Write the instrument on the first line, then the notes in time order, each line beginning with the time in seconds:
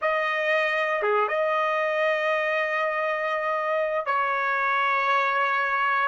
trumpet
0.01 D#5
1.02 G#4
1.28 D#5
4.06 C#5